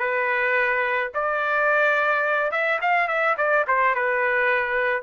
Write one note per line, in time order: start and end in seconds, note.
0.00 1.12 B4
1.15 2.52 D5
2.52 2.80 E5
2.82 3.08 F5
3.08 3.36 E5
3.38 3.66 D5
3.68 3.96 C5
3.96 5.03 B4